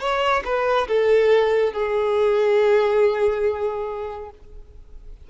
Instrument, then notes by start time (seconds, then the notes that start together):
violin
0.00 C#5
0.44 B4
0.88 A4
1.73 G#4